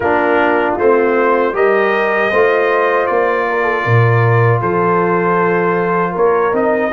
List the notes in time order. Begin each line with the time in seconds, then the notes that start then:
0.00 A#3 D4 F4 A#4
0.77 A3 C4 C5
1.53 G3 G4 A#4 D#5
2.30 A3 F4 C5
3.06 A#3 D5
3.48 A#4
3.63 A4
3.84 A#2 A#4
4.60 F3 A4 C5
6.12 A#3 A#4 C#5
6.52 C4 D#4 D#5